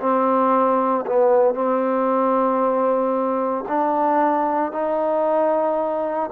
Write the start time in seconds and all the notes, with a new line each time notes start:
0.00 C4
1.07 B3
1.55 C4
3.68 D4
4.72 D#4